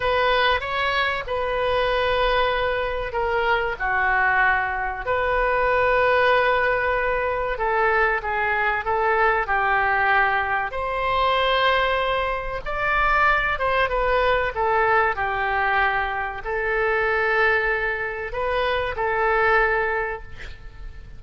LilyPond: \new Staff \with { instrumentName = "oboe" } { \time 4/4 \tempo 4 = 95 b'4 cis''4 b'2~ | b'4 ais'4 fis'2 | b'1 | a'4 gis'4 a'4 g'4~ |
g'4 c''2. | d''4. c''8 b'4 a'4 | g'2 a'2~ | a'4 b'4 a'2 | }